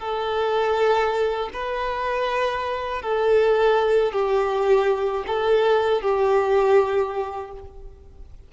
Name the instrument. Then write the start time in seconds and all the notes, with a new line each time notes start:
violin
0.00 A4
1.54 B4
3.02 A4
4.13 G4
5.27 A4
6.02 G4